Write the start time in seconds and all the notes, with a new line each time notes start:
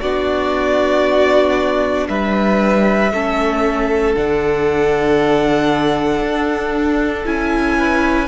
0.00 B3 D4 F#4 D5
2.08 G3 B4 E5
3.11 A3 C#4 A4
4.15 D3 D4 F#5
6.21 D4
7.25 C#4 E4 G#5
7.77 B4